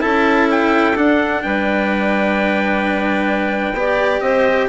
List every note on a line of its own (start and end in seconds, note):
0.00 0.95 C#4
0.00 0.93 E4
0.00 1.42 A4
0.00 0.47 A5
0.50 0.97 G5
0.95 3.74 D4
0.95 1.42 D4
0.95 1.42 F#5
1.42 3.73 G3
1.42 3.77 B4
1.42 4.20 G5
3.73 4.19 B3
3.73 4.69 G4
3.73 4.22 D5
4.20 4.68 C4
4.20 4.69 C5
4.20 4.67 D#5